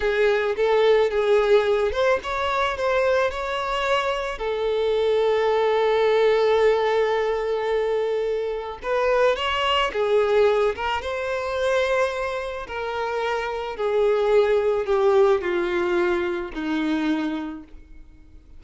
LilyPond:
\new Staff \with { instrumentName = "violin" } { \time 4/4 \tempo 4 = 109 gis'4 a'4 gis'4. c''8 | cis''4 c''4 cis''2 | a'1~ | a'1 |
b'4 cis''4 gis'4. ais'8 | c''2. ais'4~ | ais'4 gis'2 g'4 | f'2 dis'2 | }